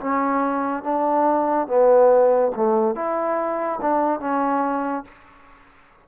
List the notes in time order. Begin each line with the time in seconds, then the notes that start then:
0.00 C#4
0.83 D4
1.67 B3
2.55 A3
2.95 E4
3.81 D4
4.20 C#4